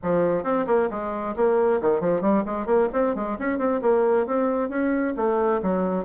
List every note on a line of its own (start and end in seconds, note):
0.02 0.43 F3
0.43 0.65 C4
0.67 0.89 A#3
0.90 1.35 G#3
1.36 1.80 A#3
1.81 2.00 D#3
2.00 2.21 F3
2.21 2.43 G3
2.45 2.65 G#3
2.65 2.88 A#3
2.92 3.15 C4
3.15 3.37 G#3
3.38 3.58 C#4
3.58 3.80 C4
3.81 4.26 A#3
4.26 4.69 C4
4.69 5.14 C#4
5.16 5.61 A3
5.62 6.05 F#3